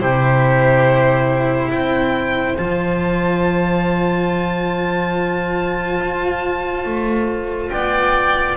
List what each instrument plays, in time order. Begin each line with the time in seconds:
0.00 double bass C3, cello E4, oboe G4, violin C5
1.71 double bass C4, oboe C5, violin G5
2.57 double bass F3, cello F4, violin A5
6.01 double bass F4
6.85 double bass A3
7.69 double bass B3, oboe D5, violin G5